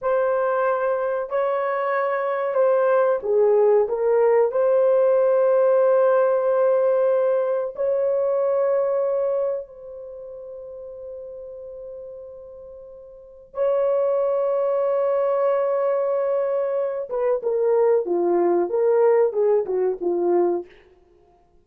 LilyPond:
\new Staff \with { instrumentName = "horn" } { \time 4/4 \tempo 4 = 93 c''2 cis''2 | c''4 gis'4 ais'4 c''4~ | c''1 | cis''2. c''4~ |
c''1~ | c''4 cis''2.~ | cis''2~ cis''8 b'8 ais'4 | f'4 ais'4 gis'8 fis'8 f'4 | }